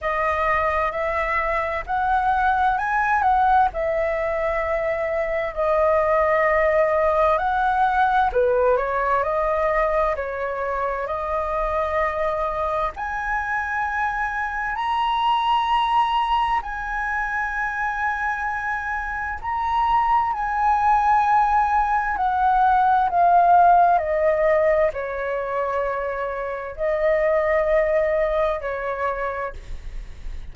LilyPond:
\new Staff \with { instrumentName = "flute" } { \time 4/4 \tempo 4 = 65 dis''4 e''4 fis''4 gis''8 fis''8 | e''2 dis''2 | fis''4 b'8 cis''8 dis''4 cis''4 | dis''2 gis''2 |
ais''2 gis''2~ | gis''4 ais''4 gis''2 | fis''4 f''4 dis''4 cis''4~ | cis''4 dis''2 cis''4 | }